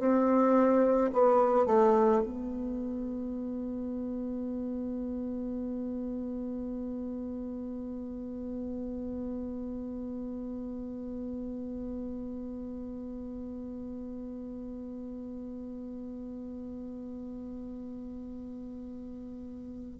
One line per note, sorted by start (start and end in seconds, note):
0.00 1.11 C4
1.13 1.66 B3
1.66 2.22 A3
2.24 20.00 B3